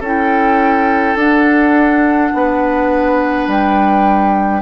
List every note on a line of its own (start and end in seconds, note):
0.00 1.16 C#4
0.00 1.18 E4
0.00 2.31 A4
0.00 1.19 G5
1.16 2.31 D4
1.16 4.62 D4
1.16 3.48 F#5
2.34 3.48 B3
2.34 4.62 B4
3.48 4.62 G3
3.48 4.62 G5